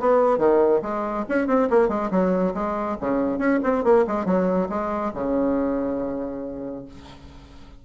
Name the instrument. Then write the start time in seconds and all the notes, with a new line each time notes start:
bassoon
0.00 B3
0.38 D#3
0.82 G#3
1.29 C#4
1.47 C4
1.70 A#3
1.89 G#3
2.11 F#3
2.54 G#3
3.00 C#3
3.38 C#4
3.64 C4
3.84 A#3
4.07 G#3
4.25 F#3
4.69 G#3
5.14 C#3